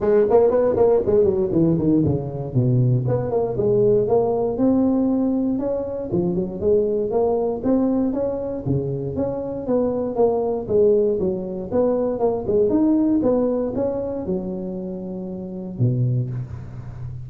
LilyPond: \new Staff \with { instrumentName = "tuba" } { \time 4/4 \tempo 4 = 118 gis8 ais8 b8 ais8 gis8 fis8 e8 dis8 | cis4 b,4 b8 ais8 gis4 | ais4 c'2 cis'4 | f8 fis8 gis4 ais4 c'4 |
cis'4 cis4 cis'4 b4 | ais4 gis4 fis4 b4 | ais8 gis8 dis'4 b4 cis'4 | fis2. b,4 | }